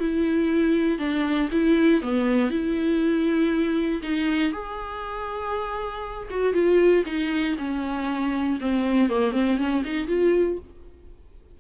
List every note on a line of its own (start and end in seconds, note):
0.00 0.99 E4
0.99 1.49 D4
1.52 2.02 E4
2.02 2.50 B3
2.50 4.02 E4
4.03 4.53 D#4
4.53 6.29 G#4
6.31 6.54 F#4
6.54 7.04 F4
7.06 7.57 D#4
7.59 8.59 C#4
8.61 9.10 C4
9.10 9.33 A#3
9.33 9.58 C4
9.58 9.83 C#4
9.85 10.08 D#4
10.08 10.58 F4